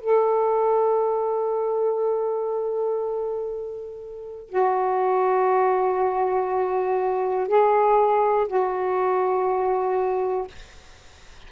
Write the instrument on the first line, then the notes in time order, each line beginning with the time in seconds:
saxophone
0.00 A4
4.49 F#4
7.47 G#4
8.47 F#4